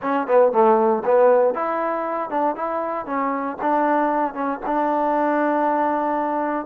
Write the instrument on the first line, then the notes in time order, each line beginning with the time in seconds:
trombone
0.02 C#4
0.27 B3
0.52 A3
1.05 B3
1.54 E4
2.29 D4
2.55 E4
3.06 C#4
3.61 D4
4.34 C#4
4.65 D4